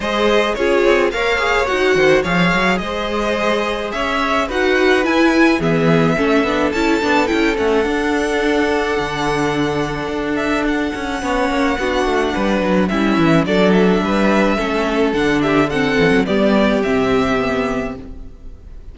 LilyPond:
<<
  \new Staff \with { instrumentName = "violin" } { \time 4/4 \tempo 4 = 107 dis''4 cis''4 f''4 fis''4 | f''4 dis''2 e''4 | fis''4 gis''4 e''2 | a''4 g''8 fis''2~ fis''8~ |
fis''2~ fis''8 e''8 fis''4~ | fis''2. e''4 | d''8 e''2~ e''8 fis''8 e''8 | fis''4 d''4 e''2 | }
  \new Staff \with { instrumentName = "violin" } { \time 4/4 c''4 gis'4 cis''4. c''8 | cis''4 c''2 cis''4 | b'2 gis'4 a'4~ | a'1~ |
a'1 | cis''4 fis'4 b'4 e'4 | a'4 b'4 a'4. g'8 | a'4 g'2. | }
  \new Staff \with { instrumentName = "viola" } { \time 4/4 gis'4 f'4 ais'8 gis'8 fis'4 | gis'1 | fis'4 e'4 b4 cis'8 d'8 | e'8 d'8 e'8 cis'8 d'2~ |
d'1 | cis'4 d'2 cis'4 | d'2 cis'4 d'4 | c'4 b4 c'4 b4 | }
  \new Staff \with { instrumentName = "cello" } { \time 4/4 gis4 cis'8 c'8 ais4 dis'8 dis8 | f8 fis8 gis2 cis'4 | dis'4 e'4 e4 a8 b8 | cis'8 b8 cis'8 a8 d'2 |
d2 d'4. cis'8 | b8 ais8 b8 a8 g8 fis8 g8 e8 | fis4 g4 a4 d4~ | d8 e16 fis16 g4 c2 | }
>>